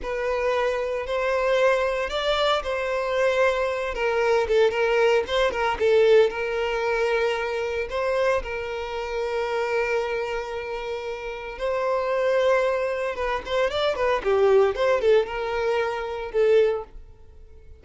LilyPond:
\new Staff \with { instrumentName = "violin" } { \time 4/4 \tempo 4 = 114 b'2 c''2 | d''4 c''2~ c''8 ais'8~ | ais'8 a'8 ais'4 c''8 ais'8 a'4 | ais'2. c''4 |
ais'1~ | ais'2 c''2~ | c''4 b'8 c''8 d''8 b'8 g'4 | c''8 a'8 ais'2 a'4 | }